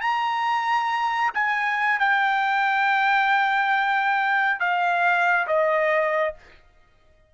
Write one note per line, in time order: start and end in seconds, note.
0.00 1.30 A#5
1.34 1.99 G#5
1.99 4.59 G5
4.59 5.46 F5
5.47 6.34 D#5